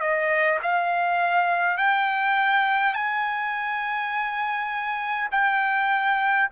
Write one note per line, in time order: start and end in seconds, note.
0.00 0.59 D#5
0.63 1.77 F5
1.77 2.93 G5
2.93 5.28 G#5
5.31 6.49 G5